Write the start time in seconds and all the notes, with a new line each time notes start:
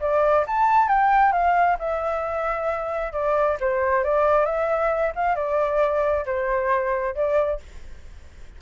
0.00 D5
0.47 A5
0.88 G5
1.32 F5
1.79 E5
3.12 D5
3.60 C5
4.04 D5
4.45 E5
5.15 F5
5.35 D5
6.26 C5
7.15 D5